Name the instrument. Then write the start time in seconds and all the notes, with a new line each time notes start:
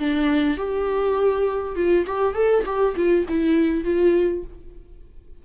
viola
0.00 D4
0.58 G4
1.76 F4
2.07 G4
2.35 A4
2.66 G4
2.96 F4
3.29 E4
3.85 F4